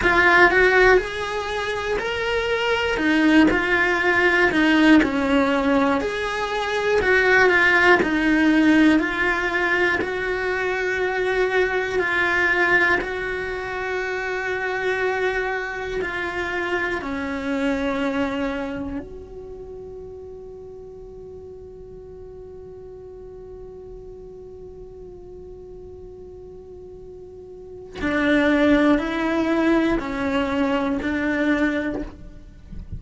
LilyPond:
\new Staff \with { instrumentName = "cello" } { \time 4/4 \tempo 4 = 60 f'8 fis'8 gis'4 ais'4 dis'8 f'8~ | f'8 dis'8 cis'4 gis'4 fis'8 f'8 | dis'4 f'4 fis'2 | f'4 fis'2. |
f'4 cis'2 fis'4~ | fis'1~ | fis'1 | d'4 e'4 cis'4 d'4 | }